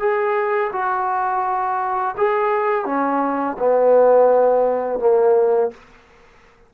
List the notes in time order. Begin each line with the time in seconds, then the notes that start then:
0.00 G#4
0.72 F#4
2.18 G#4
2.86 C#4
3.59 B3
5.00 A#3